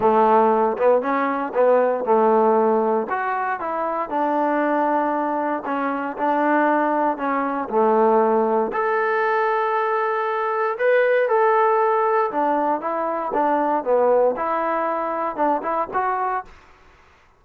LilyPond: \new Staff \with { instrumentName = "trombone" } { \time 4/4 \tempo 4 = 117 a4. b8 cis'4 b4 | a2 fis'4 e'4 | d'2. cis'4 | d'2 cis'4 a4~ |
a4 a'2.~ | a'4 b'4 a'2 | d'4 e'4 d'4 b4 | e'2 d'8 e'8 fis'4 | }